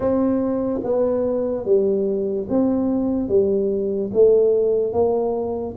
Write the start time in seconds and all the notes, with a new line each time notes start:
0.00 C4
0.83 B3
1.65 G3
2.49 C4
3.28 G3
4.13 A3
4.92 A#3